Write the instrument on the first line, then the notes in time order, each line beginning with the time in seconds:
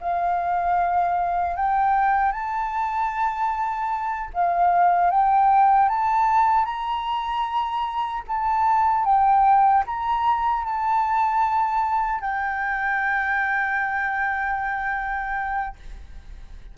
flute
0.00 F5
1.56 G5
2.32 A5
4.33 F5
5.10 G5
5.89 A5
6.65 A#5
8.28 A5
9.05 G5
9.86 A#5
10.64 A5
12.20 G5